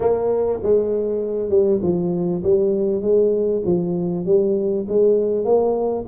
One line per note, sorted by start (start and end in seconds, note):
0.00 0.60 A#3
0.62 1.49 G#3
1.49 1.80 G3
1.82 2.42 F3
2.43 3.01 G3
3.01 3.62 G#3
3.65 4.25 F3
4.25 4.86 G3
4.88 5.44 G#3
5.44 6.05 A#3